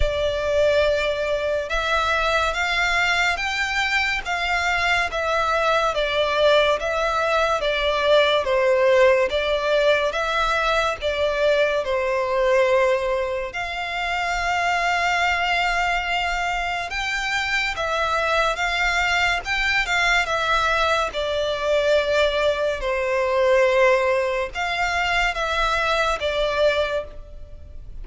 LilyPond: \new Staff \with { instrumentName = "violin" } { \time 4/4 \tempo 4 = 71 d''2 e''4 f''4 | g''4 f''4 e''4 d''4 | e''4 d''4 c''4 d''4 | e''4 d''4 c''2 |
f''1 | g''4 e''4 f''4 g''8 f''8 | e''4 d''2 c''4~ | c''4 f''4 e''4 d''4 | }